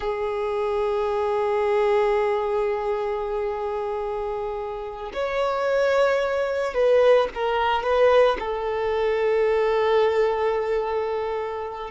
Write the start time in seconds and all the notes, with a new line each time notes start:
0.00 G#4
5.13 C#5
6.73 B4
7.34 A#4
7.83 B4
8.39 A4